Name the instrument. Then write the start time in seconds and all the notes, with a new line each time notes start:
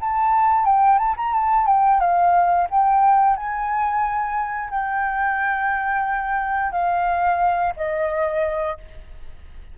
flute
0.00 A5
0.65 G5
0.98 A5
1.17 A#5
1.33 A5
1.66 G5
2.00 F5
2.70 G5
3.36 G#5
4.70 G5
6.72 F5
7.76 D#5